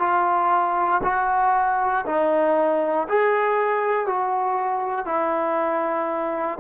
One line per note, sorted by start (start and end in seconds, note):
0.00 1.02 F4
1.04 2.05 F#4
2.06 3.08 D#4
3.09 4.07 G#4
4.07 5.06 F#4
5.06 6.59 E4